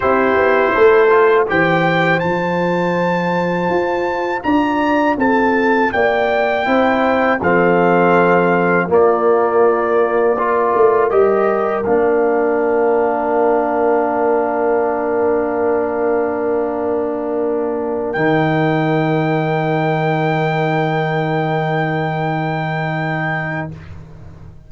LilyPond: <<
  \new Staff \with { instrumentName = "trumpet" } { \time 4/4 \tempo 4 = 81 c''2 g''4 a''4~ | a''2 ais''4 a''4 | g''2 f''2 | d''2. dis''4 |
f''1~ | f''1~ | f''8 g''2.~ g''8~ | g''1 | }
  \new Staff \with { instrumentName = "horn" } { \time 4/4 g'4 a'4 c''2~ | c''2 d''4 a'4 | d''4 c''4 a'2 | f'2 ais'2~ |
ais'1~ | ais'1~ | ais'1~ | ais'1 | }
  \new Staff \with { instrumentName = "trombone" } { \time 4/4 e'4. f'8 g'4 f'4~ | f'1~ | f'4 e'4 c'2 | ais2 f'4 g'4 |
d'1~ | d'1~ | d'8 dis'2.~ dis'8~ | dis'1 | }
  \new Staff \with { instrumentName = "tuba" } { \time 4/4 c'8 b8 a4 e4 f4~ | f4 f'4 d'4 c'4 | ais4 c'4 f2 | ais2~ ais8 a8 g4 |
ais1~ | ais1~ | ais8 dis2.~ dis8~ | dis1 | }
>>